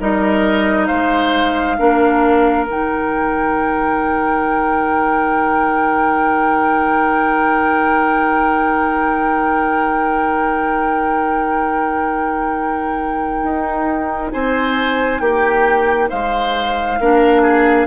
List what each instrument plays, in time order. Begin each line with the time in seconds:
0.00 bassoon G3, clarinet D#4, oboe A#4, flute D#5
0.86 bassoon G#3, oboe C5, flute F5
1.77 bassoon A#3, clarinet D4, oboe A#4
2.67 bassoon D#3, clarinet D#4, flute G5
13.42 bassoon D#4
14.31 bassoon C4, oboe C5, flute G#5
15.19 bassoon A#3, oboe G4, flute G5
16.09 bassoon G#3, oboe C5, flute F5
17.00 bassoon A#3, clarinet D4, oboe A#4
17.42 oboe G#4